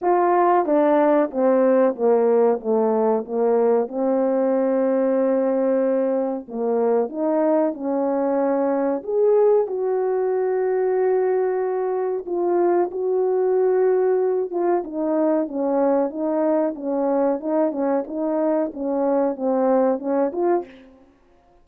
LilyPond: \new Staff \with { instrumentName = "horn" } { \time 4/4 \tempo 4 = 93 f'4 d'4 c'4 ais4 | a4 ais4 c'2~ | c'2 ais4 dis'4 | cis'2 gis'4 fis'4~ |
fis'2. f'4 | fis'2~ fis'8 f'8 dis'4 | cis'4 dis'4 cis'4 dis'8 cis'8 | dis'4 cis'4 c'4 cis'8 f'8 | }